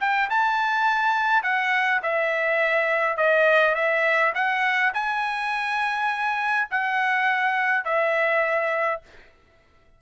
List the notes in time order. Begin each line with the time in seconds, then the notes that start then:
0.00 G5
0.29 A5
1.43 F#5
2.02 E5
3.17 D#5
3.75 E5
4.34 F#5
4.94 G#5
6.70 F#5
7.85 E5